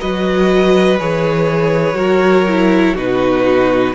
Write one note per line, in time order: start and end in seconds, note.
0.00 1.01 F#3
0.00 0.98 F#4
0.00 1.97 B4
0.00 0.99 D#5
1.00 1.94 E3
1.00 1.95 G#4
1.00 2.97 C#5
1.94 2.92 F#3
1.94 2.44 F#4
1.94 2.95 A#4
2.48 2.96 E4
2.95 3.94 B2
2.95 3.94 D#4
2.95 3.93 F#4
2.95 3.95 B4